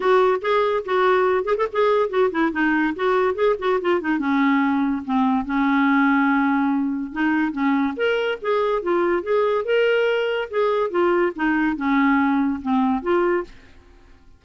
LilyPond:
\new Staff \with { instrumentName = "clarinet" } { \time 4/4 \tempo 4 = 143 fis'4 gis'4 fis'4. gis'16 a'16 | gis'4 fis'8 e'8 dis'4 fis'4 | gis'8 fis'8 f'8 dis'8 cis'2 | c'4 cis'2.~ |
cis'4 dis'4 cis'4 ais'4 | gis'4 f'4 gis'4 ais'4~ | ais'4 gis'4 f'4 dis'4 | cis'2 c'4 f'4 | }